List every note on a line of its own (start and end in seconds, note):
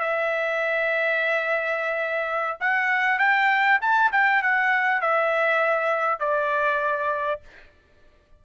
0.00 2.58 E5
2.61 3.19 F#5
3.19 3.79 G5
3.81 4.11 A5
4.12 4.42 G5
4.42 5.01 F#5
5.01 6.20 E5
6.20 7.41 D5